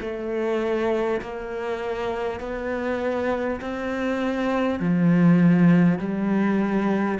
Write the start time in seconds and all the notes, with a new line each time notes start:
0.00 A3
1.21 A#3
2.40 B3
3.61 C4
4.79 F3
5.98 G3